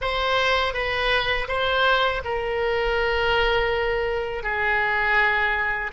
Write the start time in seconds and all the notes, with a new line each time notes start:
0.01 C5
0.73 B4
1.48 C5
2.24 A#4
4.43 G#4